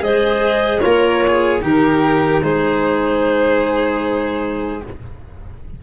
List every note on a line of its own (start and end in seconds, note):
0.00 0.81 G#3
0.00 0.80 G#4
0.00 0.80 C5
0.00 0.80 D#5
0.80 1.62 A#3
0.80 1.60 F4
0.80 1.25 A#4
0.80 1.60 C#5
1.27 1.62 G#4
1.60 2.42 D#3
1.60 4.80 D#4
1.60 2.42 G4
1.60 2.43 A#4
2.42 4.82 G#3
2.42 4.83 G#4
2.42 4.83 C5